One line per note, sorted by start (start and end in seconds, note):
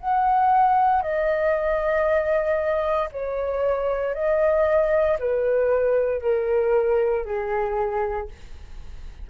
0.00 1.02 F#5
1.02 3.09 D#5
3.12 4.14 C#5
4.14 5.18 D#5
5.19 6.21 B4
6.21 7.25 A#4
7.25 8.28 G#4